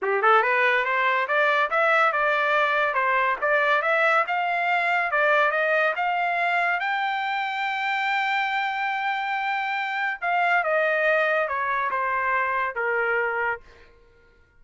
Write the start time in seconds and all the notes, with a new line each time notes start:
0.02 G4
0.21 A4
0.42 B4
0.84 C5
1.27 D5
1.70 E5
2.12 D5
2.94 C5
3.41 D5
3.82 E5
4.27 F5
5.11 D5
5.51 D#5
5.96 F5
6.80 G5
10.21 F5
10.63 D#5
11.47 C#5
11.90 C5
12.75 A#4